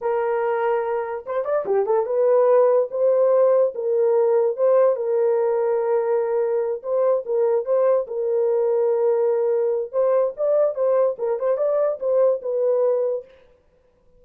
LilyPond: \new Staff \with { instrumentName = "horn" } { \time 4/4 \tempo 4 = 145 ais'2. c''8 d''8 | g'8 a'8 b'2 c''4~ | c''4 ais'2 c''4 | ais'1~ |
ais'8 c''4 ais'4 c''4 ais'8~ | ais'1 | c''4 d''4 c''4 ais'8 c''8 | d''4 c''4 b'2 | }